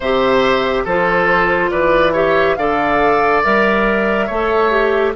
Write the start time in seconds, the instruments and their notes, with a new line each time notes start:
0.00 bassoon C3, clarinet G4, oboe C5, flute E5
0.84 bassoon F3, clarinet F4, oboe A4, flute C5
1.70 bassoon E3, oboe B4, flute D5
2.12 clarinet G4, oboe C#5, flute E5
2.55 bassoon D3, clarinet A4, oboe D5, flute F5
3.43 bassoon G3, clarinet A#4, flute E5
4.26 bassoon A3, clarinet A4, oboe C#5
4.70 clarinet G4